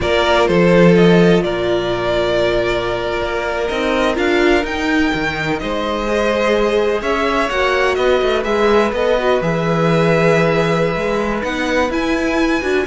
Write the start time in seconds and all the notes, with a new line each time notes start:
0.00 A#3 F4 A#4 D5
0.47 F3 A4 C5
0.95 D#5
1.42 A#2 A#4 D5
3.21 A#3
3.67 C4 D#4 D#5
4.15 D4 F4 F5
4.64 D#4 G5
5.14 D#3
5.59 G#3 C5 D#5
6.06 G#4
7.01 C#4 C#5 E5
7.49 A#3 F#4 F#5
7.94 B3 B4 D#5
8.22 A3
8.43 G#3 G#4 E5
8.92 B3 A4 D#5
9.18 F#4
9.41 E3 G#4 E5
10.95 G#3
11.42 B3 D#4 F#5
11.90 E4 G#5
12.61 D4 F#4